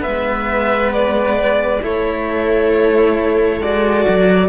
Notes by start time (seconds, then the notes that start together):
0.00 B3 B4 E5
0.06 G#3
0.92 D5
1.82 A3 E4 A4 C#5
3.60 G#3 F#4 D5
4.08 F#3